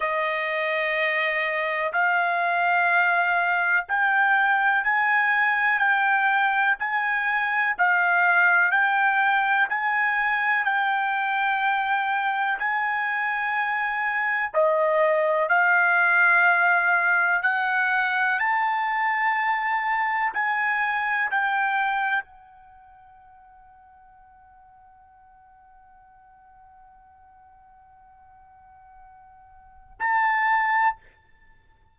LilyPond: \new Staff \with { instrumentName = "trumpet" } { \time 4/4 \tempo 4 = 62 dis''2 f''2 | g''4 gis''4 g''4 gis''4 | f''4 g''4 gis''4 g''4~ | g''4 gis''2 dis''4 |
f''2 fis''4 a''4~ | a''4 gis''4 g''4 fis''4~ | fis''1~ | fis''2. a''4 | }